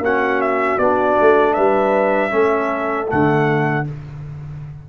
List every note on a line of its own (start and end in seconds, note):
0.00 0.77 A#3
0.00 0.80 C#4
0.00 1.55 F#4
0.00 0.42 F#5
0.42 0.79 E5
0.79 1.17 B3
0.79 2.30 D4
0.79 1.54 D5
1.21 1.58 A3
1.54 2.33 G3
1.54 2.32 B4
1.54 3.08 E5
2.30 3.10 A3
2.30 3.07 C#4
2.30 3.88 A4
3.08 3.90 D3
3.08 3.85 A3
3.08 3.87 F#5